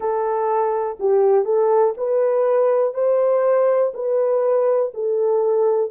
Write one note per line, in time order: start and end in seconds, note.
0.00 0.97 A4
0.99 1.44 G4
1.44 1.94 A4
1.97 2.94 B4
2.94 3.92 C5
3.93 4.92 B4
4.94 5.90 A4